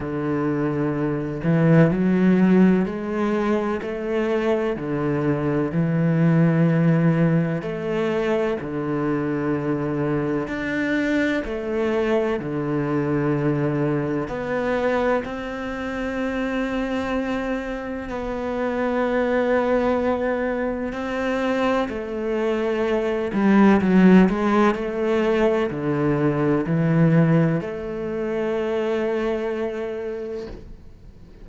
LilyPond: \new Staff \with { instrumentName = "cello" } { \time 4/4 \tempo 4 = 63 d4. e8 fis4 gis4 | a4 d4 e2 | a4 d2 d'4 | a4 d2 b4 |
c'2. b4~ | b2 c'4 a4~ | a8 g8 fis8 gis8 a4 d4 | e4 a2. | }